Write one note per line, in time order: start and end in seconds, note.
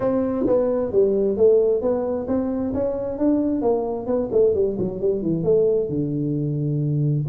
0.00 0.45 C4
0.46 0.92 B3
0.92 1.36 G3
1.36 1.81 A3
1.81 2.26 B3
2.27 2.73 C4
2.74 3.18 C#4
3.18 3.61 D4
3.61 4.06 A#3
4.06 4.29 B3
4.32 4.54 A3
4.54 4.77 G3
4.79 5.00 F#3
5.00 5.21 G3
5.21 5.43 E3
5.43 5.89 A3
5.89 7.25 D3